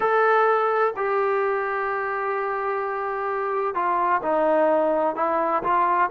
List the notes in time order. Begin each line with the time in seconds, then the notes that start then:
0.00 A4
0.96 G4
3.74 F4
4.22 D#4
5.15 E4
5.63 F4